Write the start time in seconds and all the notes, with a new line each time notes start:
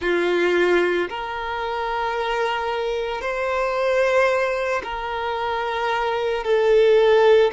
0.00 F4
1.09 A#4
3.21 C5
4.83 A#4
6.44 A4